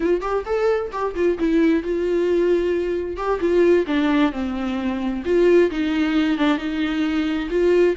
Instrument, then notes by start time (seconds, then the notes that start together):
viola
0.00 F4
0.21 G4
0.45 A4
0.92 G4
1.15 F4
1.39 E4
1.83 F4
3.16 G4
3.40 F4
3.86 D4
4.32 C4
5.25 F4
5.70 D#4
6.38 D4
6.57 D#4
7.50 F4